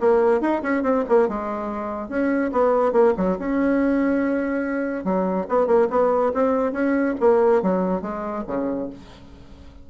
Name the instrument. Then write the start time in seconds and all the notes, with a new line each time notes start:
bassoon
0.00 A#3
0.41 D#4
0.62 C#4
0.83 C4
1.09 A#3
1.28 G#3
2.09 C#4
2.52 B3
2.93 A#3
3.17 F#3
3.39 C#4
5.04 F#3
5.49 B3
5.66 A#3
5.90 B3
6.34 C4
6.72 C#4
7.20 A#3
7.62 F#3
8.01 G#3
8.47 C#3